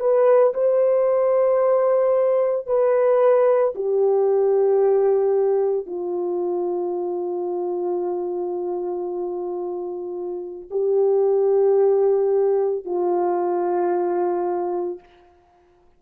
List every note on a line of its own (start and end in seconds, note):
0.00 0.54 B4
0.54 2.67 C5
2.67 3.74 B4
3.75 5.86 G4
5.86 10.69 F4
10.71 12.85 G4
12.85 15.00 F4